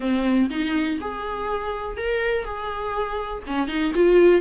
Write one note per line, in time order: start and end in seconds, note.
0.00 0.49 C4
0.50 0.99 D#4
1.01 1.97 G#4
1.97 2.44 A#4
2.44 3.43 G#4
3.46 3.67 C#4
3.67 3.92 D#4
3.94 4.41 F4